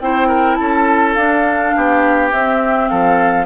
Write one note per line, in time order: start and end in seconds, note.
0.00 0.58 C4
0.00 1.17 E4
0.00 0.28 C5
0.00 0.55 G5
0.28 0.57 A#4
0.55 1.15 C#4
0.55 1.75 A4
0.55 1.13 A5
1.14 1.73 D4
1.14 2.31 D4
1.14 2.30 F5
1.76 2.32 B3
1.76 2.90 G4
2.31 3.46 C4
2.31 2.90 C4
2.31 2.88 E5
2.88 3.46 F3
2.88 3.46 A4
2.88 3.46 F5